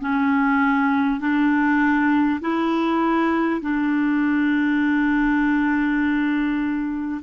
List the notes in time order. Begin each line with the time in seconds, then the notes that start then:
0.00 C#4
1.19 D4
2.41 E4
3.61 D4